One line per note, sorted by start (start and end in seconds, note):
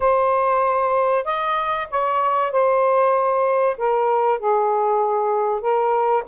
0.00 1.24 C5
1.24 1.87 D#5
1.90 2.51 C#5
2.51 3.76 C5
3.77 4.39 A#4
4.39 5.61 G#4
5.61 6.23 A#4